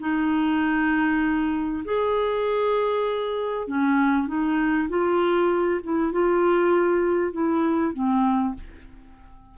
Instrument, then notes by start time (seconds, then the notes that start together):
clarinet
0.00 D#4
1.85 G#4
3.68 C#4
4.27 D#4
4.89 F4
5.83 E4
6.12 F4
7.32 E4
7.94 C4